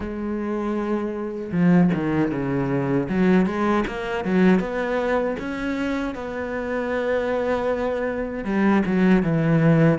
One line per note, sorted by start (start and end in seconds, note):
0.00 1.51 G#3
1.52 1.90 F3
1.93 2.31 D#3
2.31 3.08 C#3
3.08 3.46 F#3
3.46 3.84 G#3
3.87 4.24 A#3
4.24 4.59 F#3
4.59 5.36 B3
5.39 6.14 C#4
6.14 8.44 B3
8.44 8.83 G3
8.85 9.22 F#3
9.22 9.99 E3